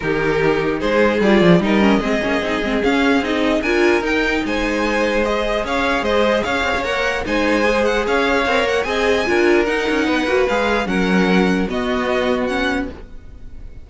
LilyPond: <<
  \new Staff \with { instrumentName = "violin" } { \time 4/4 \tempo 4 = 149 ais'2 c''4 d''4 | dis''2. f''4 | dis''4 gis''4 g''4 gis''4~ | gis''4 dis''4 f''4 dis''4 |
f''4 fis''4 gis''4. fis''8 | f''4. fis''8 gis''2 | fis''2 f''4 fis''4~ | fis''4 dis''2 fis''4 | }
  \new Staff \with { instrumentName = "violin" } { \time 4/4 g'2 gis'2 | ais'4 gis'2.~ | gis'4 ais'2 c''4~ | c''2 cis''4 c''4 |
cis''2 c''2 | cis''2 dis''4 ais'4~ | ais'4 b'2 ais'4~ | ais'4 fis'2. | }
  \new Staff \with { instrumentName = "viola" } { \time 4/4 dis'2. f'4 | dis'8 cis'8 c'8 cis'8 dis'8 c'8 cis'4 | dis'4 f'4 dis'2~ | dis'4 gis'2.~ |
gis'4 ais'4 dis'4 gis'4~ | gis'4 ais'4 gis'4 f'4 | dis'4. fis'8 gis'4 cis'4~ | cis'4 b2 cis'4 | }
  \new Staff \with { instrumentName = "cello" } { \time 4/4 dis2 gis4 g8 f8 | g4 gis8 ais8 c'8 gis8 cis'4 | c'4 d'4 dis'4 gis4~ | gis2 cis'4 gis4 |
cis'8 c'16 cis'16 ais4 gis2 | cis'4 c'8 ais8 c'4 d'4 | dis'8 cis'8 b8 ais8 gis4 fis4~ | fis4 b2. | }
>>